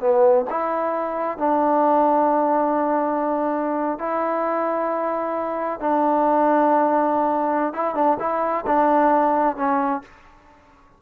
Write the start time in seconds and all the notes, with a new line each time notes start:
0.00 B3
0.50 E4
1.38 D4
3.99 E4
5.80 D4
7.73 E4
7.95 D4
8.20 E4
8.67 D4
9.56 C#4